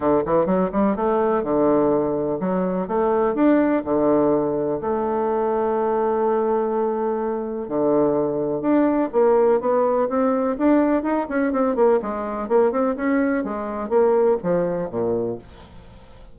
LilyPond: \new Staff \with { instrumentName = "bassoon" } { \time 4/4 \tempo 4 = 125 d8 e8 fis8 g8 a4 d4~ | d4 fis4 a4 d'4 | d2 a2~ | a1 |
d2 d'4 ais4 | b4 c'4 d'4 dis'8 cis'8 | c'8 ais8 gis4 ais8 c'8 cis'4 | gis4 ais4 f4 ais,4 | }